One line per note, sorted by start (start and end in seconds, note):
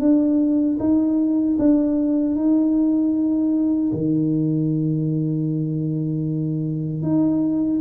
0.00 0.78 D4
0.79 1.57 D#4
1.59 2.36 D4
2.36 3.91 D#4
3.93 7.02 D#3
7.02 7.80 D#4